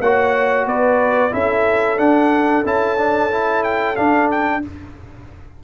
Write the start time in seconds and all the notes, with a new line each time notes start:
0.00 A#3 F#4 C#5 F#5
0.66 B3 B4 D5
1.30 C#4 E4 A4 E5
1.97 D4 F#5
2.65 C#4 E4 A5
2.97 D4
3.30 E4
3.63 G5
3.96 D4 F5
4.30 G5